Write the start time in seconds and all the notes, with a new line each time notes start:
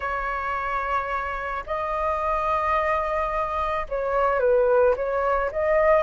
0.00 C#5
1.66 D#5
3.88 C#5
4.39 B4
4.95 C#5
5.51 D#5